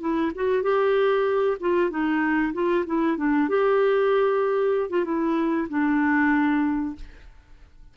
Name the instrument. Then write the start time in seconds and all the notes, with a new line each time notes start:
clarinet
0.00 E4
0.35 F#4
0.63 G4
1.60 F4
1.90 D#4
2.53 F4
2.86 E4
3.17 D4
3.49 G4
4.90 F4
5.04 E4
5.69 D4